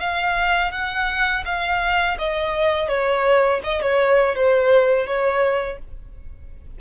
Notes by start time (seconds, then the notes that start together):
0.00 F5
0.72 F#5
1.46 F5
2.19 D#5
2.89 C#5
3.64 D#5
3.82 C#5
4.35 C5
5.07 C#5